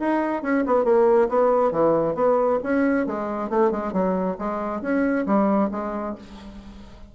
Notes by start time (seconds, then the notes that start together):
0.00 D#4
0.43 C#4
0.66 B3
0.85 A#3
1.29 B3
1.72 E3
2.15 B3
2.64 C#4
3.07 G#3
3.50 A3
3.72 G#3
3.93 F#3
4.39 G#3
4.82 C#4
5.26 G3
5.72 G#3